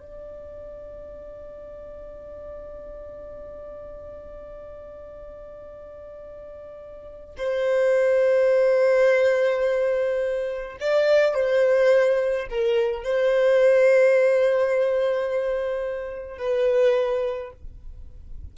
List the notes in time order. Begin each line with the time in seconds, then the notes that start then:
0.00 D5
7.37 C5
10.81 D5
11.35 C5
12.50 A#4
13.04 C5
16.38 B4